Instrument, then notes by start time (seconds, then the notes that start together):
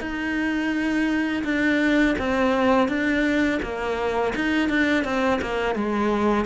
cello
0.00 D#4
1.44 D4
2.18 C4
2.88 D4
3.62 A#3
4.35 D#4
4.69 D4
5.04 C4
5.41 A#3
5.75 G#3